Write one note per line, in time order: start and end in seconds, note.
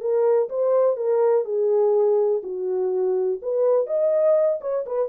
0.00 0.48 A#4
0.49 0.96 C5
0.96 1.45 A#4
1.45 2.41 G#4
2.43 3.40 F#4
3.42 3.86 B4
3.86 4.59 D#5
4.61 4.85 C#5
4.86 5.09 B4